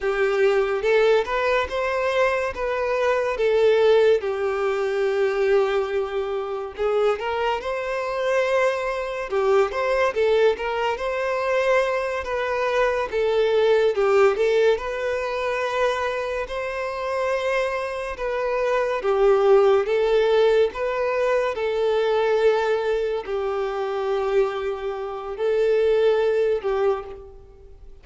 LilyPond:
\new Staff \with { instrumentName = "violin" } { \time 4/4 \tempo 4 = 71 g'4 a'8 b'8 c''4 b'4 | a'4 g'2. | gis'8 ais'8 c''2 g'8 c''8 | a'8 ais'8 c''4. b'4 a'8~ |
a'8 g'8 a'8 b'2 c''8~ | c''4. b'4 g'4 a'8~ | a'8 b'4 a'2 g'8~ | g'2 a'4. g'8 | }